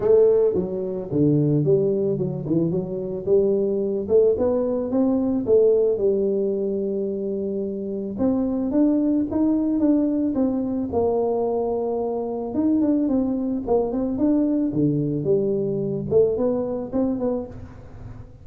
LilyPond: \new Staff \with { instrumentName = "tuba" } { \time 4/4 \tempo 4 = 110 a4 fis4 d4 g4 | fis8 e8 fis4 g4. a8 | b4 c'4 a4 g4~ | g2. c'4 |
d'4 dis'4 d'4 c'4 | ais2. dis'8 d'8 | c'4 ais8 c'8 d'4 d4 | g4. a8 b4 c'8 b8 | }